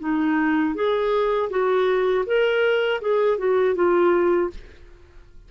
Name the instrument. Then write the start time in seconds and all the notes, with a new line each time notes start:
clarinet
0.00 D#4
0.75 G#4
1.50 F#4
2.26 A#4
3.01 G#4
3.38 F#4
3.75 F4